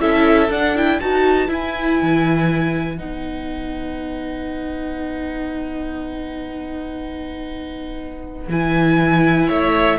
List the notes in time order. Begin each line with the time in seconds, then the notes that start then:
0.00 C#4 E4 A4 E5
0.49 D4 F#5
0.76 E4 G5
1.00 D#4 F#4 B4 A5
1.48 E4 G#5
2.02 E3
2.97 B3 D#4 F#5
8.49 E3 E4 G#5
9.47 A3 C#5 E5